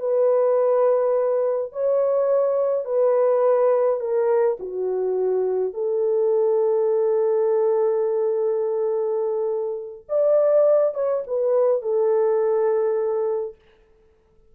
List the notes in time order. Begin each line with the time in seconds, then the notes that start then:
0.00 B4
1.73 C#5
2.85 B4
4.00 A#4
4.60 F#4
5.74 A4
10.09 D5
10.95 C#5
11.27 B4
11.82 A4